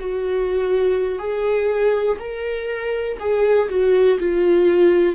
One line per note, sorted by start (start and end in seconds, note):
0.00 1.19 F#4
1.19 2.17 G#4
2.19 3.17 A#4
3.20 3.69 G#4
3.69 4.18 F#4
4.20 5.15 F4